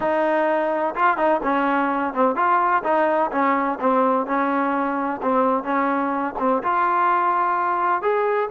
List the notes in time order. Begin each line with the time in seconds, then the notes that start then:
0.00 D#4
0.95 F4
1.17 D#4
1.43 C#4
2.13 C4
2.35 F4
2.83 D#4
3.31 C#4
3.80 C4
4.26 C#4
5.22 C4
5.63 C#4
6.38 C4
6.62 F4
8.02 G#4